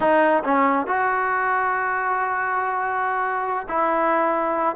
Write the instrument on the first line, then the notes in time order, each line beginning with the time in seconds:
trombone
0.00 D#4
0.44 C#4
0.86 F#4
3.68 E4